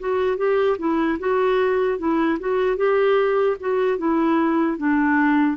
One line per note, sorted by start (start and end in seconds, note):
0.00 0.37 F#4
0.37 0.77 G4
0.79 1.19 E4
1.19 1.99 F#4
1.99 2.39 E4
2.40 2.77 F#4
2.77 3.57 G4
3.60 3.98 F#4
3.98 4.77 E4
4.77 5.57 D4